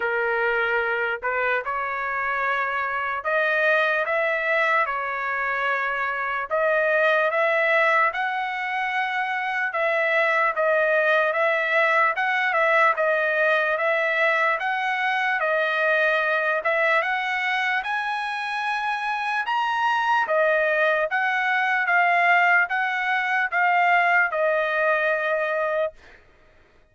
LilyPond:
\new Staff \with { instrumentName = "trumpet" } { \time 4/4 \tempo 4 = 74 ais'4. b'8 cis''2 | dis''4 e''4 cis''2 | dis''4 e''4 fis''2 | e''4 dis''4 e''4 fis''8 e''8 |
dis''4 e''4 fis''4 dis''4~ | dis''8 e''8 fis''4 gis''2 | ais''4 dis''4 fis''4 f''4 | fis''4 f''4 dis''2 | }